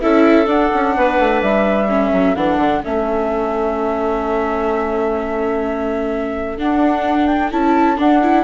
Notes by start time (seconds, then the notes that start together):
0.00 C#4 E4 A4 E5
0.45 D4 F#5
0.73 C#4
0.96 B3 B4
1.19 A3
1.42 G3 E5
1.88 C#4 A4
2.12 F#3
2.35 E3 D4 F#5
2.56 D3
2.84 A3 C#4 E5
6.58 D4 F#5
7.26 G5
7.51 C#4 E4 A5
7.96 D4 F#5
8.22 E4